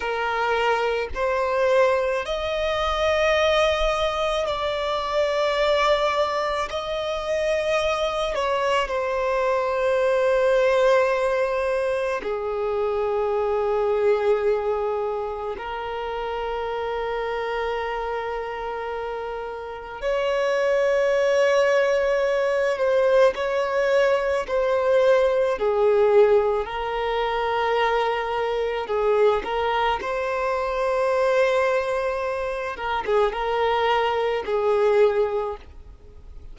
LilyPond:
\new Staff \with { instrumentName = "violin" } { \time 4/4 \tempo 4 = 54 ais'4 c''4 dis''2 | d''2 dis''4. cis''8 | c''2. gis'4~ | gis'2 ais'2~ |
ais'2 cis''2~ | cis''8 c''8 cis''4 c''4 gis'4 | ais'2 gis'8 ais'8 c''4~ | c''4. ais'16 gis'16 ais'4 gis'4 | }